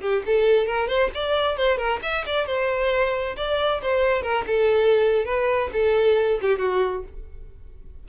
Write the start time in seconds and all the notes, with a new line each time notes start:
0.00 G4
0.25 A4
0.66 A#4
0.88 C5
1.14 D5
1.57 C5
1.77 A#4
2.02 E5
2.26 D5
2.46 C5
3.36 D5
3.81 C5
4.22 A#4
4.46 A4
5.25 B4
5.73 A4
6.41 G4
6.58 F#4